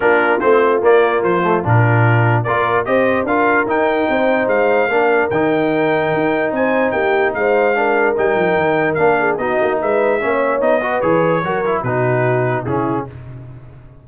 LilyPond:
<<
  \new Staff \with { instrumentName = "trumpet" } { \time 4/4 \tempo 4 = 147 ais'4 c''4 d''4 c''4 | ais'2 d''4 dis''4 | f''4 g''2 f''4~ | f''4 g''2. |
gis''4 g''4 f''2 | g''2 f''4 dis''4 | e''2 dis''4 cis''4~ | cis''4 b'2 gis'4 | }
  \new Staff \with { instrumentName = "horn" } { \time 4/4 f'1~ | f'2 ais'4 c''4 | ais'2 c''2 | ais'1 |
c''4 g'4 c''4 ais'4~ | ais'2~ ais'8 gis'8 fis'4 | b'4 cis''4. b'4. | ais'4 fis'2 e'4 | }
  \new Staff \with { instrumentName = "trombone" } { \time 4/4 d'4 c'4 ais4. a8 | d'2 f'4 g'4 | f'4 dis'2. | d'4 dis'2.~ |
dis'2. d'4 | dis'2 d'4 dis'4~ | dis'4 cis'4 dis'8 fis'8 gis'4 | fis'8 e'8 dis'2 cis'4 | }
  \new Staff \with { instrumentName = "tuba" } { \time 4/4 ais4 a4 ais4 f4 | ais,2 ais4 c'4 | d'4 dis'4 c'4 gis4 | ais4 dis2 dis'4 |
c'4 ais4 gis2 | g8 f8 dis4 ais4 b8 ais8 | gis4 ais4 b4 e4 | fis4 b,2 cis4 | }
>>